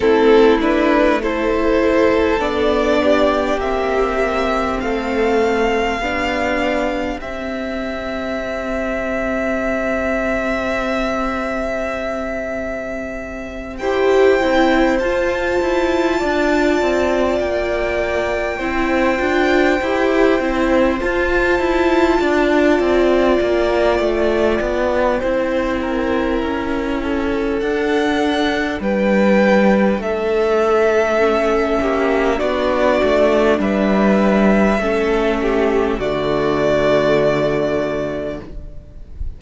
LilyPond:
<<
  \new Staff \with { instrumentName = "violin" } { \time 4/4 \tempo 4 = 50 a'8 b'8 c''4 d''4 e''4 | f''2 e''2~ | e''2.~ e''8 g''8~ | g''8 a''2 g''4.~ |
g''4. a''2 g''8~ | g''2. fis''4 | g''4 e''2 d''4 | e''2 d''2 | }
  \new Staff \with { instrumentName = "violin" } { \time 4/4 e'4 a'4. g'4. | a'4 g'2.~ | g'2.~ g'8 c''8~ | c''4. d''2 c''8~ |
c''2~ c''8 d''4.~ | d''4 c''8 ais'4 a'4. | b'4 a'4. g'8 fis'4 | b'4 a'8 g'8 fis'2 | }
  \new Staff \with { instrumentName = "viola" } { \time 4/4 c'8 d'8 e'4 d'4 c'4~ | c'4 d'4 c'2~ | c'2.~ c'8 g'8 | e'8 f'2. e'8 |
f'8 g'8 e'8 f'2~ f'8~ | f'4 e'2 d'4~ | d'2 cis'4 d'4~ | d'4 cis'4 a2 | }
  \new Staff \with { instrumentName = "cello" } { \time 4/4 a2 b4 ais4 | a4 b4 c'2~ | c'2.~ c'8 e'8 | c'8 f'8 e'8 d'8 c'8 ais4 c'8 |
d'8 e'8 c'8 f'8 e'8 d'8 c'8 ais8 | a8 b8 c'4 cis'4 d'4 | g4 a4. ais8 b8 a8 | g4 a4 d2 | }
>>